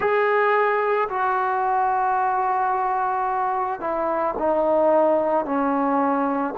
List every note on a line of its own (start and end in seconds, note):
0.00 1.08 G#4
1.09 3.80 F#4
3.80 4.34 E4
4.38 5.45 D#4
5.45 6.54 C#4